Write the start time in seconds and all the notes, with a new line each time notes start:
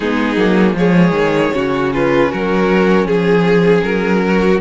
0.00 G#3 B3 D#4 G#4
0.36 F#3 A#3
0.73 F3 G#3 G#4 C#5
1.11 D#3
1.53 C#3 C#4 F#4
1.93 F4 B4
2.30 F#3 F#4 A#4
3.05 F3 G#4
3.83 F#3 A#4
4.27 F#4